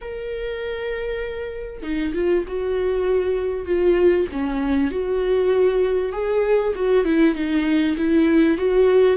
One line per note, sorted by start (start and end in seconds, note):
0.01 1.82 A#4
1.82 2.13 D#4
2.14 2.44 F4
2.47 3.65 F#4
3.65 4.26 F4
4.32 4.90 C#4
4.90 6.12 F#4
6.12 6.73 G#4
6.75 7.04 F#4
7.04 7.34 E4
7.34 7.96 D#4
7.97 8.57 E4
8.57 9.17 F#4